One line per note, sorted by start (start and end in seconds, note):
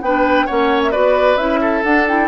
0.00 0.45 B3
0.00 0.48 D4
0.00 0.46 B4
0.00 0.47 G5
0.46 0.95 A#3
0.46 0.91 C#4
0.46 0.91 C#5
0.46 0.81 F#5
0.82 0.91 E5
0.91 1.36 B3
0.91 1.37 F#4
0.91 1.59 B4
0.91 1.37 D5
1.36 1.81 C#4
1.36 1.84 E4
1.36 1.82 E5
1.61 2.27 A4
1.83 2.27 D4
1.83 2.08 D4
1.83 2.06 F#5
2.08 2.27 E4
2.08 2.27 G5